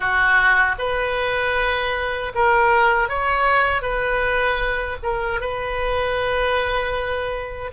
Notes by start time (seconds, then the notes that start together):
0.00 F#4
0.78 B4
2.34 A#4
3.08 C#5
3.81 B4
5.02 A#4
5.40 B4